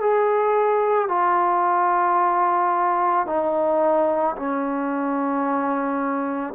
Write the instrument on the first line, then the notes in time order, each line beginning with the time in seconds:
trombone
0.00 G#4
1.08 F4
3.26 D#4
4.36 C#4